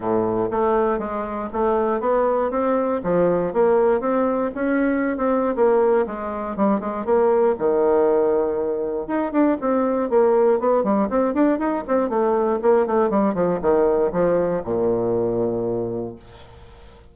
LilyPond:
\new Staff \with { instrumentName = "bassoon" } { \time 4/4 \tempo 4 = 119 a,4 a4 gis4 a4 | b4 c'4 f4 ais4 | c'4 cis'4~ cis'16 c'8. ais4 | gis4 g8 gis8 ais4 dis4~ |
dis2 dis'8 d'8 c'4 | ais4 b8 g8 c'8 d'8 dis'8 c'8 | a4 ais8 a8 g8 f8 dis4 | f4 ais,2. | }